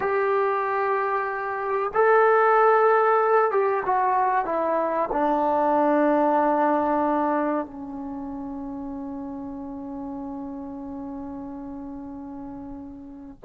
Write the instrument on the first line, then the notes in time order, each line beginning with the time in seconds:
trombone
0.00 G4
1.94 A4
3.51 G4
3.85 F#4
4.45 E4
5.12 D4
7.65 C#4